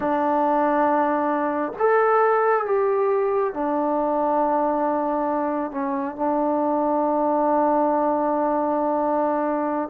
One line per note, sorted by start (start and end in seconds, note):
0.00 1.72 D4
1.78 2.65 A4
2.65 3.53 G4
3.53 5.71 D4
5.71 6.15 C#4
6.15 9.89 D4